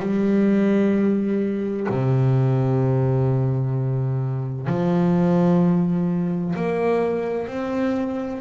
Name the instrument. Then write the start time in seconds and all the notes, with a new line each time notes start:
double bass
0.00 G3
1.90 C3
4.67 F3
6.56 A#3
7.48 C4